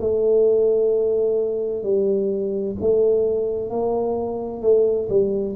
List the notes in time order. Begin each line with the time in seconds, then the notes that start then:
0.00 A3
1.83 G3
2.80 A3
3.70 A#3
4.62 A3
5.09 G3